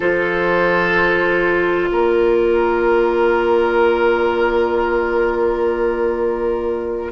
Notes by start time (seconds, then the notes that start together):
0.00 F3 F4 A4 C5
1.90 A#3 A#4 D5